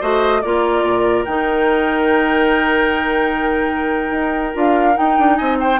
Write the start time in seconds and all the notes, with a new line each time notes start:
0.00 A3 F#4 C5 D#5
0.41 A#3 F4 A#4 D5
0.83 A#2
1.25 D#3 D#4 G5
4.11 D#4
4.53 D4 F4 F5
4.94 D#4 G5
5.18 D4
5.36 C4 D#5 G#5
5.59 C5 G5